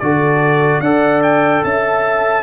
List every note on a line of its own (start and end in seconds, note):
0.00 0.80 D3
0.00 0.84 F#4
0.00 0.83 A4
0.00 0.81 D5
0.80 1.61 D4
0.80 2.43 A4
0.80 1.64 D5
0.80 1.22 F#5
1.23 1.64 G5
1.64 2.43 C#4
1.64 2.43 E5
1.64 2.43 A5